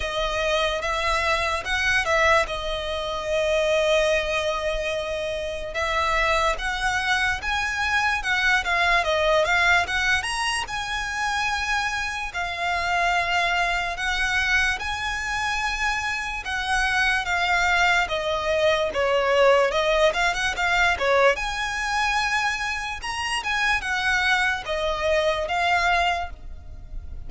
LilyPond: \new Staff \with { instrumentName = "violin" } { \time 4/4 \tempo 4 = 73 dis''4 e''4 fis''8 e''8 dis''4~ | dis''2. e''4 | fis''4 gis''4 fis''8 f''8 dis''8 f''8 | fis''8 ais''8 gis''2 f''4~ |
f''4 fis''4 gis''2 | fis''4 f''4 dis''4 cis''4 | dis''8 f''16 fis''16 f''8 cis''8 gis''2 | ais''8 gis''8 fis''4 dis''4 f''4 | }